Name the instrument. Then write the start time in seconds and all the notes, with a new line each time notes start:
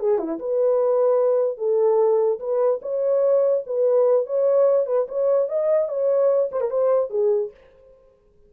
horn
0.00 G#4
0.19 E4
0.39 B4
1.58 A4
2.40 B4
2.82 C#5
3.67 B4
4.27 C#5
4.87 B4
5.09 C#5
5.49 D#5
5.89 C#5
6.52 C5
6.61 A#4
6.71 C5
7.10 G#4